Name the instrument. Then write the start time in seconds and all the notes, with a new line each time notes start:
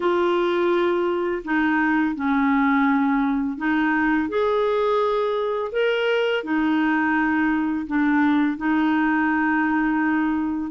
clarinet
0.00 F4
1.44 D#4
2.15 C#4
3.57 D#4
4.28 G#4
5.72 A#4
6.43 D#4
7.86 D4
8.57 D#4